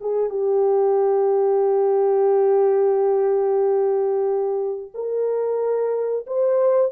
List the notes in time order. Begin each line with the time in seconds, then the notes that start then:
0.00 G#4
0.29 G4
4.94 A#4
6.26 C5